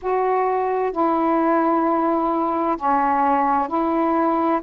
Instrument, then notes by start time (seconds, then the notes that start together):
saxophone
0.02 F#4
0.92 E4
2.77 C#4
3.68 E4